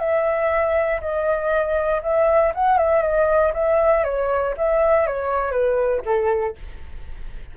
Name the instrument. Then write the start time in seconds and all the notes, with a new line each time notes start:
flute
0.00 E5
1.01 D#5
2.03 E5
2.55 F#5
2.78 E5
3.03 D#5
3.54 E5
4.05 C#5
4.58 E5
5.07 C#5
5.52 B4
6.05 A4